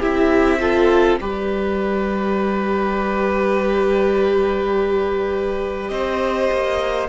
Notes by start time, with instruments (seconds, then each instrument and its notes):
0.00 cello C4, viola E4, violin G4 E5
0.60 viola F4, violin A4
1.20 cello G3, viola G4, violin B4 D5
5.89 cello C4, violin C5 D#5
6.52 cello A#3